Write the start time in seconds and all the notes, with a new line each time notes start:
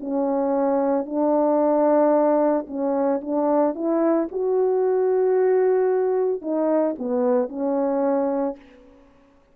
0.00 C#4
1.06 D4
2.67 C#4
3.21 D4
3.75 E4
4.31 F#4
6.42 D#4
6.99 B3
7.49 C#4